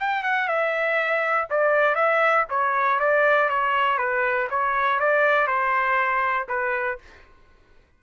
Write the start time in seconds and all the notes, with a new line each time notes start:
0.00 G5
0.24 F#5
0.48 E5
1.50 D5
1.96 E5
2.50 C#5
3.00 D5
3.49 C#5
3.98 B4
4.50 C#5
5.00 D5
5.47 C5
6.49 B4